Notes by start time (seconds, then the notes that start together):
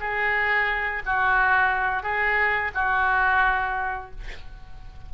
0.00 G#4
1.05 F#4
2.03 G#4
2.74 F#4